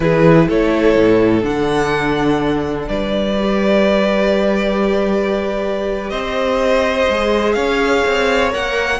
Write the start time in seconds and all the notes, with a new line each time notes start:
0.00 E3 E4 G#4 B4
0.47 A3 A4 C#5
0.96 A2
1.40 D3 D4 F#5
2.87 G3 B4 D5
3.39 G4
6.10 C4 C5 D#5
7.09 G#3 G#4
7.53 C#4 C#5 F5
8.05 C4
8.50 A#3 A#4 F#5